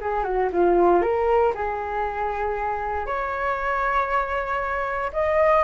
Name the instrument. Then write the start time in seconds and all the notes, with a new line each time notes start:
flute
0.00 G#4
0.23 F#4
0.52 F4
1.02 A#4
1.55 G#4
3.06 C#5
5.12 D#5